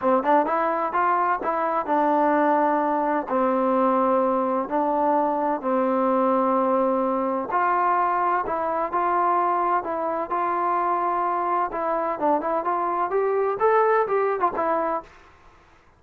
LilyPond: \new Staff \with { instrumentName = "trombone" } { \time 4/4 \tempo 4 = 128 c'8 d'8 e'4 f'4 e'4 | d'2. c'4~ | c'2 d'2 | c'1 |
f'2 e'4 f'4~ | f'4 e'4 f'2~ | f'4 e'4 d'8 e'8 f'4 | g'4 a'4 g'8. f'16 e'4 | }